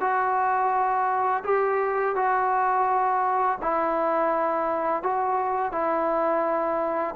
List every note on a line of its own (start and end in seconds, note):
0.00 1.43 F#4
1.44 2.15 G4
2.15 3.58 F#4
3.61 5.02 E4
5.02 5.72 F#4
5.72 7.15 E4